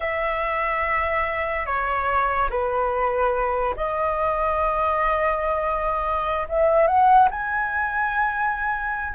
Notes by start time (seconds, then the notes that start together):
0.00 E5
1.66 C#5
2.49 B4
3.76 D#5
6.48 E5
6.87 F#5
7.30 G#5